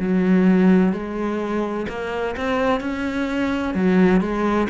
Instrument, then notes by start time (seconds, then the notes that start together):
cello
0.00 F#3
0.93 G#3
1.89 A#3
2.37 C4
2.81 C#4
3.75 F#3
4.21 G#3